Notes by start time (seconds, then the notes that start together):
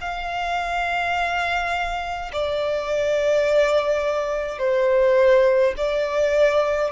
0.00 F5
2.32 D5
4.58 C5
5.76 D5